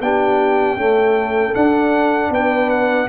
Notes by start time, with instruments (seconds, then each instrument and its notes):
0.00 tuba B3, trombone D4, horn G4, trumpet G5
0.77 trombone A3, tuba C#4, horn A4
1.54 trombone D4, tuba D4, trumpet F#5
2.30 tuba B3, horn B4, trumpet G5
2.70 trumpet F#5